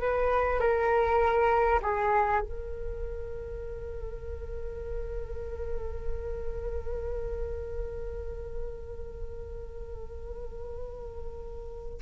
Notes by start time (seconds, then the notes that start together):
0.00 B4
0.59 A#4
1.82 G#4
2.41 A#4